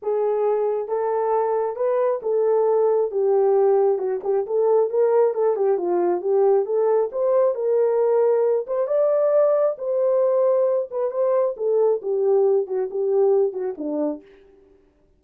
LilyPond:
\new Staff \with { instrumentName = "horn" } { \time 4/4 \tempo 4 = 135 gis'2 a'2 | b'4 a'2 g'4~ | g'4 fis'8 g'8 a'4 ais'4 | a'8 g'8 f'4 g'4 a'4 |
c''4 ais'2~ ais'8 c''8 | d''2 c''2~ | c''8 b'8 c''4 a'4 g'4~ | g'8 fis'8 g'4. fis'8 d'4 | }